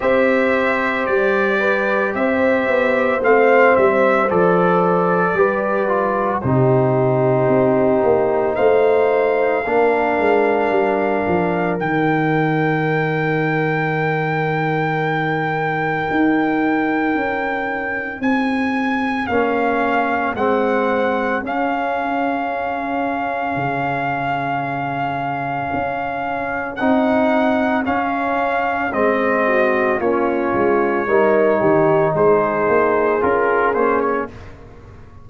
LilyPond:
<<
  \new Staff \with { instrumentName = "trumpet" } { \time 4/4 \tempo 4 = 56 e''4 d''4 e''4 f''8 e''8 | d''2 c''2 | f''2. g''4~ | g''1~ |
g''4 gis''4 f''4 fis''4 | f''1~ | f''4 fis''4 f''4 dis''4 | cis''2 c''4 ais'8 c''16 cis''16 | }
  \new Staff \with { instrumentName = "horn" } { \time 4/4 c''4. b'8 c''2~ | c''4 b'4 g'2 | c''4 ais'2.~ | ais'1~ |
ais'4 gis'2.~ | gis'1~ | gis'2.~ gis'8 fis'8 | f'4 ais'8 g'8 gis'2 | }
  \new Staff \with { instrumentName = "trombone" } { \time 4/4 g'2. c'4 | a'4 g'8 f'8 dis'2~ | dis'4 d'2 dis'4~ | dis'1~ |
dis'2 cis'4 c'4 | cis'1~ | cis'4 dis'4 cis'4 c'4 | cis'4 dis'2 f'8 cis'8 | }
  \new Staff \with { instrumentName = "tuba" } { \time 4/4 c'4 g4 c'8 b8 a8 g8 | f4 g4 c4 c'8 ais8 | a4 ais8 gis8 g8 f8 dis4~ | dis2. dis'4 |
cis'4 c'4 ais4 gis4 | cis'2 cis2 | cis'4 c'4 cis'4 gis4 | ais8 gis8 g8 dis8 gis8 ais8 cis'8 ais8 | }
>>